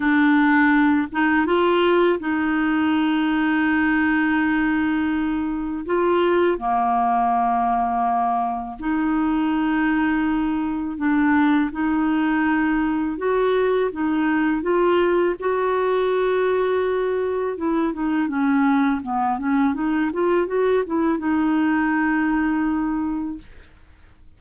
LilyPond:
\new Staff \with { instrumentName = "clarinet" } { \time 4/4 \tempo 4 = 82 d'4. dis'8 f'4 dis'4~ | dis'1 | f'4 ais2. | dis'2. d'4 |
dis'2 fis'4 dis'4 | f'4 fis'2. | e'8 dis'8 cis'4 b8 cis'8 dis'8 f'8 | fis'8 e'8 dis'2. | }